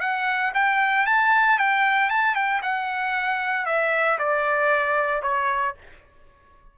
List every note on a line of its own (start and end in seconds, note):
0.00 0.52 F#5
0.54 1.06 G5
1.06 1.58 A5
1.58 2.10 G5
2.10 2.35 A5
2.35 2.61 G5
2.62 3.66 F#5
3.66 4.18 E5
4.19 5.22 D5
5.22 5.74 C#5